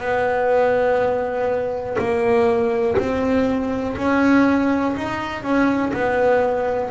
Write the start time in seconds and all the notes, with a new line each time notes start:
0.00 B3
1.99 A#3
2.97 C4
3.97 C#4
4.96 D#4
5.43 C#4
5.93 B3